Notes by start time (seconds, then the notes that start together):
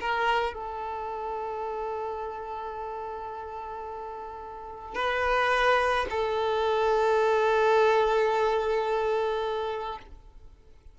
0.00 A#4
0.53 A4
4.94 B4
6.10 A4